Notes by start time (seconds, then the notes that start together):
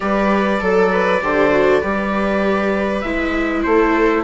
0.00 G3 G4 B4 D5
0.59 F#3 A4
0.91 B4
1.22 D3 G4 C5
1.51 F#4
1.80 G3 G4 B4
3.01 G#3 E4 E5
3.62 A3 A4 C5